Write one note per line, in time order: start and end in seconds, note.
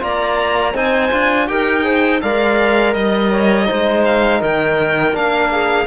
0.00 0.74 A#3
0.00 0.73 F4
0.00 0.73 D5
0.00 0.77 A#5
0.73 1.11 C4
0.73 1.11 D#4
0.73 1.46 C5
0.73 1.48 G#5
1.11 1.49 D4
1.11 1.48 F4
1.48 2.22 D#4
1.48 1.83 G4
1.48 1.84 A#4
1.48 2.21 G5
1.83 2.20 G#4
1.83 2.21 C5
2.21 2.95 G#3
2.21 3.65 A#4
2.21 2.95 D5
2.21 2.94 F5
2.94 3.68 G3
2.94 4.03 D#5
2.94 3.31 D#5
3.31 3.67 C#5
3.65 4.42 G#3
3.65 5.12 D#4
3.65 4.40 C5
4.05 4.41 F5
4.40 5.13 D#3
4.40 5.50 A#4
4.40 5.15 G5
5.12 5.86 A#3
5.12 5.85 D4
5.12 5.87 F5
5.51 5.87 G#4